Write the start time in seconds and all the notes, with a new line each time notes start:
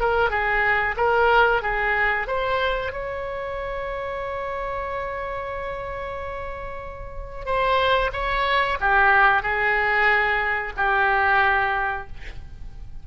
0.00 A#4
0.30 G#4
0.97 A#4
1.62 G#4
2.27 C5
2.92 C#5
7.46 C5
8.13 C#5
8.80 G4
9.42 G#4
10.77 G4